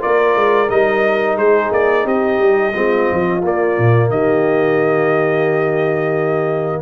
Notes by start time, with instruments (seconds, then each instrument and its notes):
0.00 tuba A#3, trombone F4, horn A#4, trumpet D5
0.36 tuba G#3
0.68 tuba G3, trombone D#4, trumpet D#5
1.36 tuba G#3, horn G#4, trumpet C5
1.71 tuba A#3, trumpet D5
2.05 tuba C4, horn G4, trumpet D#5
2.39 tuba G3
2.74 tuba G#3, trombone C4, horn F4
3.12 tuba F3
3.43 trombone A#3, tuba A#3, trumpet D5
3.78 tuba A#2
4.11 tuba D#3, horn G4, trumpet D#5